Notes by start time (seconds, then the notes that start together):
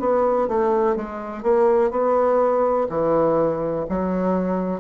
0.00 B3
0.48 A3
0.96 G#3
1.43 A#3
1.91 B3
2.89 E3
3.89 F#3